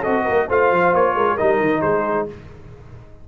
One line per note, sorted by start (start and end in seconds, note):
0.00 0.28 C4
0.00 0.48 F#4
0.00 0.22 A4
0.00 0.48 D#5
0.25 0.49 A#3
0.25 0.47 A#4
0.48 0.71 A3
0.48 1.38 F4
0.48 1.15 C5
0.48 0.95 F5
0.71 0.93 F3
0.94 1.15 A#3
0.94 1.37 C#5
1.15 1.37 G#3
1.15 1.27 A#4
1.27 1.35 G#4
1.35 1.60 G3
1.35 2.28 D#4
1.35 1.80 A#4
1.35 1.81 D#5
1.60 1.83 D#3
1.81 2.28 G#3
1.81 2.26 G#4
1.81 2.26 C5